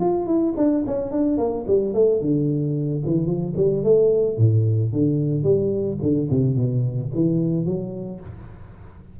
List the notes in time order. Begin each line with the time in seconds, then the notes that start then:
0.00 F4
0.26 E4
0.57 D4
0.86 C#4
1.11 D4
1.38 A#3
1.67 G3
1.94 A3
2.21 D3
3.06 E3
3.26 F3
3.56 G3
3.84 A3
4.38 A2
4.92 D3
5.43 G3
6.02 D3
6.30 C3
6.56 B2
7.14 E3
7.65 F#3